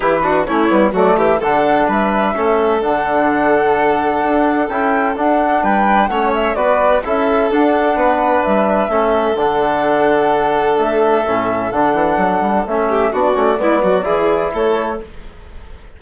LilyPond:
<<
  \new Staff \with { instrumentName = "flute" } { \time 4/4 \tempo 4 = 128 b'4 cis''4 d''8 e''8 fis''4 | e''2 fis''2~ | fis''2 g''4 fis''4 | g''4 fis''8 e''8 d''4 e''4 |
fis''2 e''2 | fis''2. e''4~ | e''4 fis''2 e''4 | d''2. cis''4 | }
  \new Staff \with { instrumentName = "violin" } { \time 4/4 g'8 fis'8 e'4 fis'8 g'8 a'4 | b'4 a'2.~ | a'1 | b'4 cis''4 b'4 a'4~ |
a'4 b'2 a'4~ | a'1~ | a'2.~ a'8 g'8 | fis'4 e'8 fis'8 gis'4 a'4 | }
  \new Staff \with { instrumentName = "trombone" } { \time 4/4 e'8 d'8 cis'8 b8 a4 d'4~ | d'4 cis'4 d'2~ | d'2 e'4 d'4~ | d'4 cis'4 fis'4 e'4 |
d'2. cis'4 | d'1 | cis'4 d'2 cis'4 | d'8 cis'8 b4 e'2 | }
  \new Staff \with { instrumentName = "bassoon" } { \time 4/4 e4 a8 g8 fis8 e8 d4 | g4 a4 d2~ | d4 d'4 cis'4 d'4 | g4 a4 b4 cis'4 |
d'4 b4 g4 a4 | d2. a4 | a,4 d8 e8 fis8 g8 a4 | b8 a8 gis8 fis8 e4 a4 | }
>>